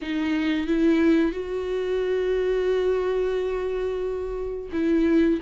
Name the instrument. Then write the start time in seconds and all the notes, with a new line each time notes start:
viola
0.01 D#4
0.67 E4
1.32 F#4
4.72 E4